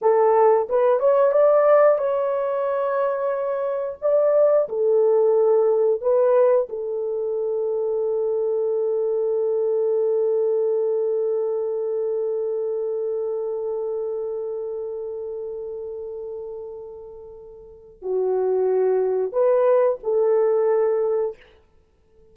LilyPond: \new Staff \with { instrumentName = "horn" } { \time 4/4 \tempo 4 = 90 a'4 b'8 cis''8 d''4 cis''4~ | cis''2 d''4 a'4~ | a'4 b'4 a'2~ | a'1~ |
a'1~ | a'1~ | a'2. fis'4~ | fis'4 b'4 a'2 | }